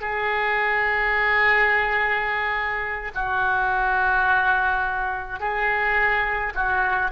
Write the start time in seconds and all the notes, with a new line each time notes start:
0.00 G#4
3.14 F#4
5.39 G#4
6.54 F#4